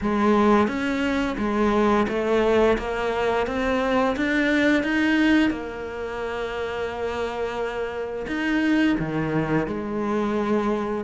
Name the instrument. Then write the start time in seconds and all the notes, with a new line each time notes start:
cello
0.01 G#3
0.67 C#4
1.38 G#3
2.08 A3
2.77 A#3
3.47 C4
4.16 D4
4.83 D#4
5.50 A#3
8.27 D#4
8.99 D#3
9.67 G#3